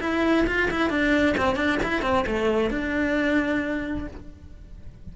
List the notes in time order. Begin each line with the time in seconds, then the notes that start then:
0.00 E4
0.47 F4
0.71 E4
0.90 D4
1.37 C4
1.56 D4
1.83 E4
2.02 C4
2.27 A3
2.70 D4